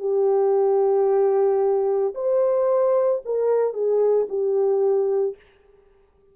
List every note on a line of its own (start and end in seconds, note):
0.00 2.14 G4
2.15 3.22 C5
3.25 3.74 A#4
3.74 4.27 G#4
4.29 5.36 G4